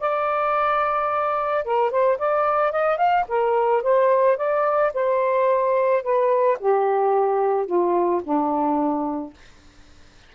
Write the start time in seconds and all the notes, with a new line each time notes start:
0.00 D5
1.65 A#4
1.91 C5
2.18 D5
2.72 D#5
2.97 F5
3.29 A#4
3.83 C5
4.37 D5
4.94 C5
6.03 B4
6.60 G4
7.66 F4
8.24 D4